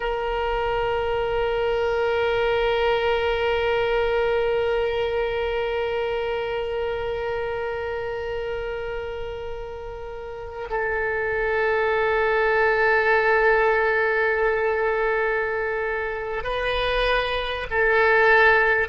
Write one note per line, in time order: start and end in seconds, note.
0.00 10.68 A#4
10.70 16.43 A4
16.43 17.66 B4
17.70 18.88 A4